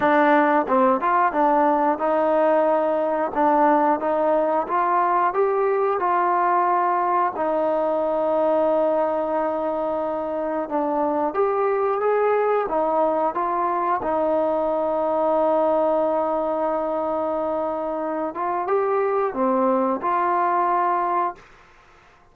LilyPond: \new Staff \with { instrumentName = "trombone" } { \time 4/4 \tempo 4 = 90 d'4 c'8 f'8 d'4 dis'4~ | dis'4 d'4 dis'4 f'4 | g'4 f'2 dis'4~ | dis'1 |
d'4 g'4 gis'4 dis'4 | f'4 dis'2.~ | dis'2.~ dis'8 f'8 | g'4 c'4 f'2 | }